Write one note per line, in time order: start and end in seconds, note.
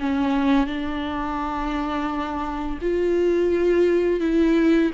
0.00 0.67 C#4
0.67 2.79 D4
2.82 4.20 F4
4.20 4.91 E4